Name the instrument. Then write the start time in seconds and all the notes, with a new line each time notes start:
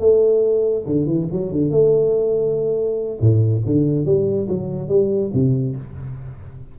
tuba
0.00 A3
0.86 D3
1.06 E3
1.32 F#3
1.52 D3
1.71 A3
3.21 A2
3.66 D3
4.06 G3
4.49 F#3
4.89 G3
5.34 C3